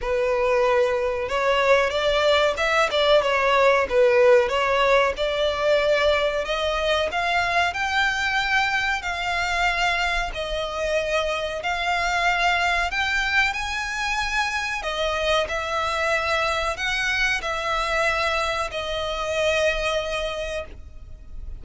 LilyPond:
\new Staff \with { instrumentName = "violin" } { \time 4/4 \tempo 4 = 93 b'2 cis''4 d''4 | e''8 d''8 cis''4 b'4 cis''4 | d''2 dis''4 f''4 | g''2 f''2 |
dis''2 f''2 | g''4 gis''2 dis''4 | e''2 fis''4 e''4~ | e''4 dis''2. | }